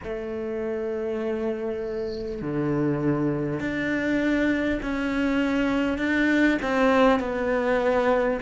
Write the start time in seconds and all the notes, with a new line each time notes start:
0.03 A3
2.41 D3
3.60 D4
4.82 C#4
5.97 D4
6.62 C4
7.19 B3